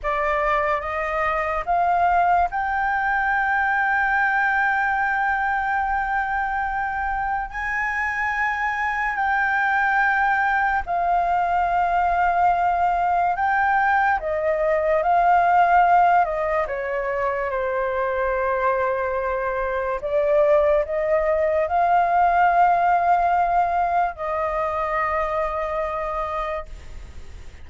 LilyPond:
\new Staff \with { instrumentName = "flute" } { \time 4/4 \tempo 4 = 72 d''4 dis''4 f''4 g''4~ | g''1~ | g''4 gis''2 g''4~ | g''4 f''2. |
g''4 dis''4 f''4. dis''8 | cis''4 c''2. | d''4 dis''4 f''2~ | f''4 dis''2. | }